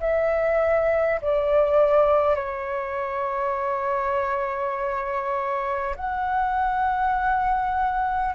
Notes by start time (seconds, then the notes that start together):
0.00 E5
1.21 D5
2.35 C#5
5.96 F#5